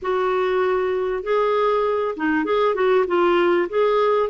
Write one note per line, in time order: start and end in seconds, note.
0.02 1.23 F#4
1.23 2.15 G#4
2.16 2.44 D#4
2.44 2.74 G#4
2.74 3.05 F#4
3.07 3.68 F4
3.69 4.29 G#4